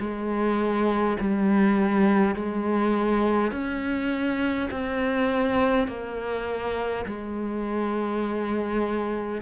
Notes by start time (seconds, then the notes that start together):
0.00 G#3
1.20 G3
2.35 G#3
3.52 C#4
4.71 C4
5.88 A#3
7.06 G#3